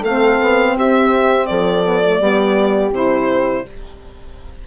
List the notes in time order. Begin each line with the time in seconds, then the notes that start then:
0.00 A3 C4 A4 F5
0.41 B3
0.75 C4 G4 E5
1.46 F3 A4 D5
1.84 B3
2.04 A3
2.20 G3 B3 G4
2.91 C3 E4 C5